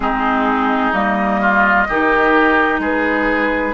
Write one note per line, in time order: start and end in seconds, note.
0.00 0.90 G#3
0.00 0.93 C4
0.00 1.40 D#4
0.00 0.93 G#4
0.93 1.86 G3
0.93 1.86 A#3
0.93 2.80 D#5
1.40 1.87 F4
1.88 2.79 D#3
1.88 3.74 D#4
1.88 2.80 G4
2.79 3.72 G#3
2.79 3.74 G#4
2.79 3.74 B4